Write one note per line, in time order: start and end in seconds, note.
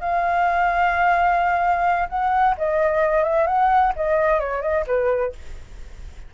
0.00 2.08 F5
2.09 2.55 F#5
2.57 3.23 D#5
3.23 3.46 E5
3.47 3.93 F#5
3.96 4.39 D#5
4.39 4.62 C#5
4.62 4.85 D#5
4.87 5.33 B4